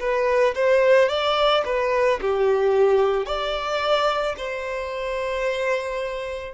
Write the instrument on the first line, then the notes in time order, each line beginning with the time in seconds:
violin
0.00 B4
0.55 C5
1.09 D5
1.65 B4
2.21 G4
3.26 D5
4.37 C5